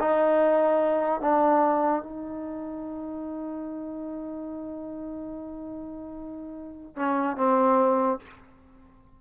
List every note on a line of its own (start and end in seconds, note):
0.00 1.21 D#4
1.21 2.03 D4
2.03 6.96 D#4
6.96 7.37 C#4
7.37 8.19 C4